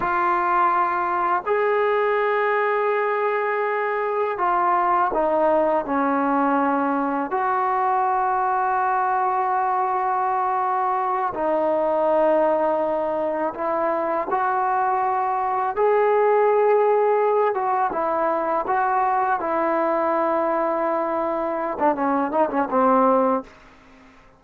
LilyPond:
\new Staff \with { instrumentName = "trombone" } { \time 4/4 \tempo 4 = 82 f'2 gis'2~ | gis'2 f'4 dis'4 | cis'2 fis'2~ | fis'2.~ fis'8 dis'8~ |
dis'2~ dis'8 e'4 fis'8~ | fis'4. gis'2~ gis'8 | fis'8 e'4 fis'4 e'4.~ | e'4.~ e'16 d'16 cis'8 dis'16 cis'16 c'4 | }